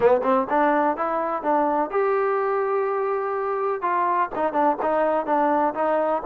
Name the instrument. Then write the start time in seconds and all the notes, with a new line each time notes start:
trombone
0.00 B3
0.23 C4
0.49 D4
0.96 E4
1.42 D4
1.90 G4
3.81 F4
4.35 D#4
4.53 D4
4.82 D#4
5.26 D4
5.74 D#4